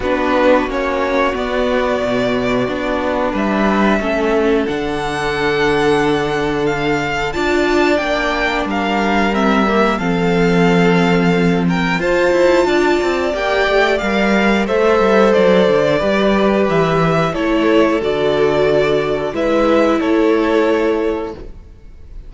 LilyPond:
<<
  \new Staff \with { instrumentName = "violin" } { \time 4/4 \tempo 4 = 90 b'4 cis''4 d''2~ | d''4 e''2 fis''4~ | fis''2 f''4 a''4 | g''4 f''4 e''4 f''4~ |
f''4. g''8 a''2 | g''4 f''4 e''4 d''4~ | d''4 e''4 cis''4 d''4~ | d''4 e''4 cis''2 | }
  \new Staff \with { instrumentName = "violin" } { \time 4/4 fis'1~ | fis'4 b'4 a'2~ | a'2. d''4~ | d''4 ais'2 a'4~ |
a'4. ais'8 c''4 d''4~ | d''2 c''2 | b'2 a'2~ | a'4 b'4 a'2 | }
  \new Staff \with { instrumentName = "viola" } { \time 4/4 d'4 cis'4 b2 | d'2 cis'4 d'4~ | d'2. f'4 | d'2 c'8 ais8 c'4~ |
c'2 f'2 | g'4 ais'4 a'2 | g'2 e'4 fis'4~ | fis'4 e'2. | }
  \new Staff \with { instrumentName = "cello" } { \time 4/4 b4 ais4 b4 b,4 | b4 g4 a4 d4~ | d2. d'4 | ais4 g2 f4~ |
f2 f'8 e'8 d'8 c'8 | ais8 a8 g4 a8 g8 fis8 d8 | g4 e4 a4 d4~ | d4 gis4 a2 | }
>>